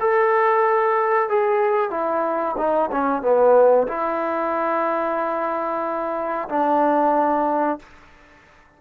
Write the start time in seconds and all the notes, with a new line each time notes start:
0.00 A4
1.29 G#4
1.90 E4
2.58 D#4
2.92 C#4
3.22 B3
3.87 E4
6.49 D4